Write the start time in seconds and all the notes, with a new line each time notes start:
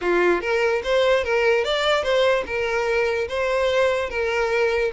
0.01 F4
0.41 A#4
0.83 C5
1.24 A#4
1.64 D5
2.03 C5
2.46 A#4
3.28 C5
4.09 A#4